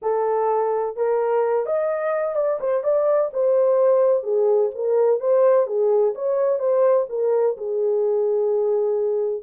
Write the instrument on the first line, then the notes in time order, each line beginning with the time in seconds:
horn
0.02 A4
0.96 A#4
1.66 D#5
2.35 D5
2.60 C5
2.83 D5
3.33 C5
4.23 G#4
4.74 A#4
5.20 C5
5.66 G#4
6.14 C#5
6.59 C5
7.09 A#4
7.57 G#4